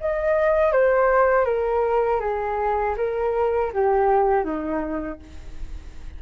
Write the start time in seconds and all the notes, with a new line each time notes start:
0.00 D#5
0.72 C5
1.45 A#4
2.20 G#4
2.97 A#4
3.73 G4
4.44 D#4